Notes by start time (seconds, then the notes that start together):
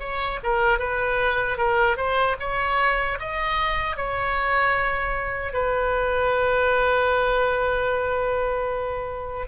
0.00 C#5
0.43 A#4
0.79 B4
1.58 A#4
1.97 C5
2.40 C#5
3.20 D#5
3.97 C#5
5.54 B4